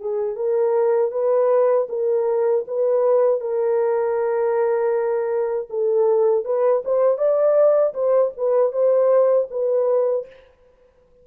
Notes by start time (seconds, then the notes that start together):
0.00 G#4
0.36 A#4
1.12 B4
1.89 A#4
2.68 B4
3.41 A#4
5.70 A4
6.45 B4
6.85 C5
7.18 D5
7.94 C5
8.37 B4
8.72 C5
9.51 B4